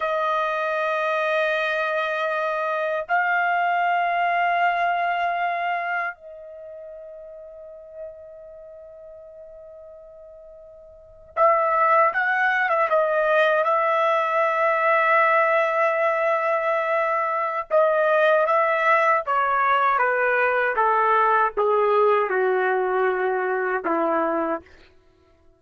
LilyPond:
\new Staff \with { instrumentName = "trumpet" } { \time 4/4 \tempo 4 = 78 dis''1 | f''1 | dis''1~ | dis''2~ dis''8. e''4 fis''16~ |
fis''8 e''16 dis''4 e''2~ e''16~ | e''2. dis''4 | e''4 cis''4 b'4 a'4 | gis'4 fis'2 e'4 | }